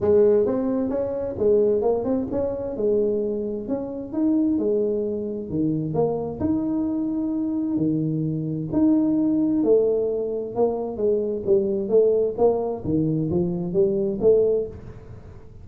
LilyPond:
\new Staff \with { instrumentName = "tuba" } { \time 4/4 \tempo 4 = 131 gis4 c'4 cis'4 gis4 | ais8 c'8 cis'4 gis2 | cis'4 dis'4 gis2 | dis4 ais4 dis'2~ |
dis'4 dis2 dis'4~ | dis'4 a2 ais4 | gis4 g4 a4 ais4 | dis4 f4 g4 a4 | }